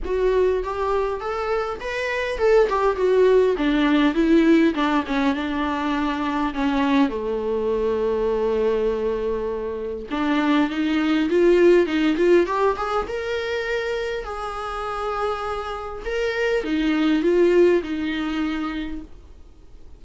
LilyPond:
\new Staff \with { instrumentName = "viola" } { \time 4/4 \tempo 4 = 101 fis'4 g'4 a'4 b'4 | a'8 g'8 fis'4 d'4 e'4 | d'8 cis'8 d'2 cis'4 | a1~ |
a4 d'4 dis'4 f'4 | dis'8 f'8 g'8 gis'8 ais'2 | gis'2. ais'4 | dis'4 f'4 dis'2 | }